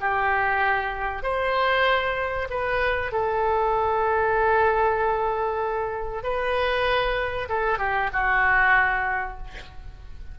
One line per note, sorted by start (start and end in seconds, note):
0.00 1.23 G4
1.23 2.48 C5
2.50 3.12 B4
3.12 6.24 A4
6.24 7.49 B4
7.49 7.79 A4
7.79 8.10 G4
8.13 9.38 F#4